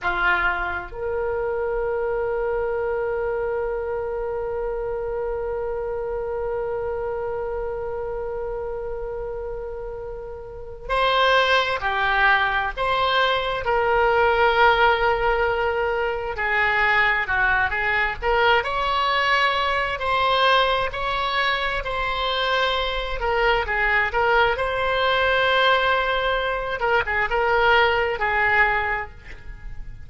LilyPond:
\new Staff \with { instrumentName = "oboe" } { \time 4/4 \tempo 4 = 66 f'4 ais'2.~ | ais'1~ | ais'1 | c''4 g'4 c''4 ais'4~ |
ais'2 gis'4 fis'8 gis'8 | ais'8 cis''4. c''4 cis''4 | c''4. ais'8 gis'8 ais'8 c''4~ | c''4. ais'16 gis'16 ais'4 gis'4 | }